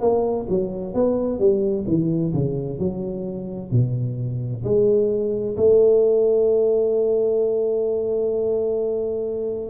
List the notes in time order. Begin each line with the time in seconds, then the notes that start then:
0.00 A#3
0.49 F#3
0.94 B3
1.39 G3
1.87 E3
2.33 C#3
2.79 F#3
3.71 B2
4.64 G#3
5.56 A3